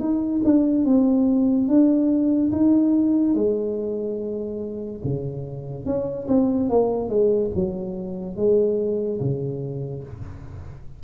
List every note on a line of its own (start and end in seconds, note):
0.00 0.42 D#4
0.44 0.85 D4
0.85 1.69 C4
1.69 2.52 D4
2.52 3.35 D#4
3.35 5.02 G#3
5.04 5.86 C#3
5.86 6.27 C#4
6.28 6.70 C4
6.70 7.09 A#3
7.09 7.51 G#3
7.55 8.36 F#3
8.36 9.20 G#3
9.20 10.04 C#3